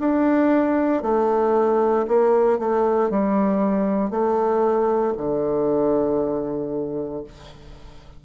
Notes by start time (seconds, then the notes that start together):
0.00 D4
1.03 A3
2.08 A#3
2.60 A3
3.10 G3
4.11 A3
5.18 D3